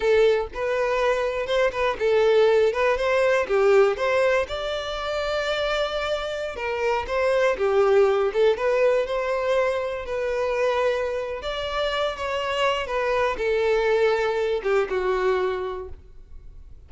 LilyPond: \new Staff \with { instrumentName = "violin" } { \time 4/4 \tempo 4 = 121 a'4 b'2 c''8 b'8 | a'4. b'8 c''4 g'4 | c''4 d''2.~ | d''4~ d''16 ais'4 c''4 g'8.~ |
g'8. a'8 b'4 c''4.~ c''16~ | c''16 b'2~ b'8. d''4~ | d''8 cis''4. b'4 a'4~ | a'4. g'8 fis'2 | }